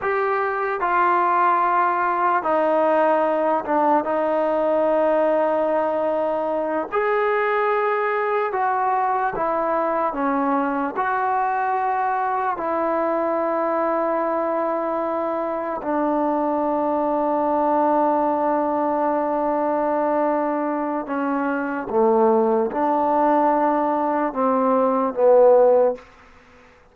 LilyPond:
\new Staff \with { instrumentName = "trombone" } { \time 4/4 \tempo 4 = 74 g'4 f'2 dis'4~ | dis'8 d'8 dis'2.~ | dis'8 gis'2 fis'4 e'8~ | e'8 cis'4 fis'2 e'8~ |
e'2.~ e'8 d'8~ | d'1~ | d'2 cis'4 a4 | d'2 c'4 b4 | }